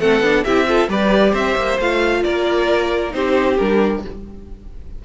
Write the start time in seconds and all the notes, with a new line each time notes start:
0.00 A3 C4 A4 F#5
0.21 B3 D4
0.44 C4 E4 G4 E5
0.68 F4 A4
0.89 G3 G4 B4 D5
1.32 C4 C5 E5
1.56 A#3
1.79 A3 F4 F5
2.24 A#3 A#4 D5
3.11 C4 D#4 G4 C5
3.58 G3 D4 A#4